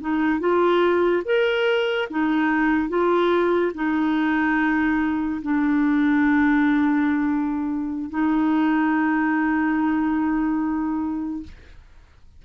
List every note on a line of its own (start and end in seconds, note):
0.00 0.39 D#4
0.39 1.22 F4
1.25 2.08 A#4
2.09 2.88 D#4
2.88 3.72 F4
3.74 5.41 D#4
5.42 8.09 D4
8.09 11.43 D#4